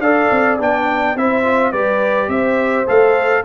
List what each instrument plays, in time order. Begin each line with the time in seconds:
0.00 tuba D4, trombone A4, horn D5, trumpet F5
0.32 tuba C4
0.60 tuba B3, trombone D4, trumpet G5
1.16 tuba C4, trombone E4, horn C5, trumpet E5
1.45 trombone F4
1.72 tuba G3, trombone G4, horn B4, trumpet D5
2.29 tuba C4, horn C5, trumpet E5
2.87 tuba A3, trombone A4, trumpet F5